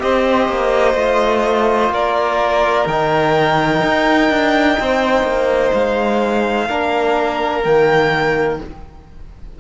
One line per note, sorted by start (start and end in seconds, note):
0.00 0.48 C4
0.00 0.95 G4
0.00 1.93 C5
0.00 1.92 D#5
0.48 0.94 A#3
0.94 1.89 A3
0.94 2.86 F4
1.89 2.85 A#3
1.89 4.79 A#4
1.89 2.87 D5
2.86 3.81 D#3
2.86 6.68 D#4
2.86 5.73 G5
3.82 4.30 D#4
4.30 4.77 D4
4.79 5.23 C4
4.79 6.68 C5
5.23 5.71 A#3
5.73 6.69 G#3
5.73 7.63 F5
6.68 7.65 A#3
6.68 7.63 D4
6.68 8.58 A#4
7.63 8.60 D#3
7.63 8.59 A#3
7.63 8.59 G5